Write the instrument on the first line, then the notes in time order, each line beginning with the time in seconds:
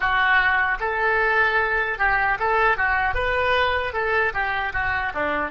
oboe
0.00 F#4
0.80 A4
1.98 G4
2.39 A4
2.77 F#4
3.14 B4
3.93 A4
4.33 G4
4.73 F#4
5.14 D4